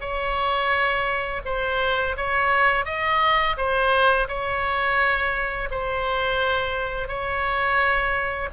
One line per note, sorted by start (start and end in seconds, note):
0.00 1.41 C#5
1.45 2.16 C5
2.17 2.85 C#5
2.85 3.56 D#5
3.57 4.27 C5
4.28 5.69 C#5
5.70 7.07 C5
7.07 8.49 C#5